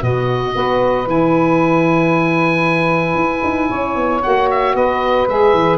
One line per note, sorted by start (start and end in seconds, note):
0.00 0.54 B2
0.00 0.53 B3
0.00 0.55 F#4
0.00 1.09 D#5
0.53 1.07 B3
0.53 1.05 F#4
0.53 3.69 B4
1.06 3.15 E3
1.06 4.22 E4
1.06 4.23 G#5
3.15 3.42 E4
3.44 3.70 D#4
3.69 3.96 C#4
3.69 4.75 C#5
3.96 4.22 B3
4.23 4.75 A#3
4.23 5.28 F#4
4.23 4.49 F#5
4.51 4.76 E5
4.75 5.28 B3
4.75 5.78 B4
4.75 5.29 D#5
5.28 5.54 G#3
5.28 5.78 G#4
5.28 5.78 E5
5.54 5.78 E3